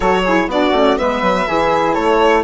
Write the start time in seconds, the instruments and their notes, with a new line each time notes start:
0.00 bassoon F#3, saxophone F#4, flute A4, violin C#5
0.23 saxophone E4, flute G#4
0.46 bassoon B3, saxophone D4, flute F#4, violin D5
0.72 bassoon A3, saxophone C#4
0.97 bassoon G#3, saxophone B3, flute B4, violin E5
1.21 bassoon F#3
1.47 bassoon E3, saxophone E4, flute G#4
1.93 bassoon A3, flute A4, violin C#5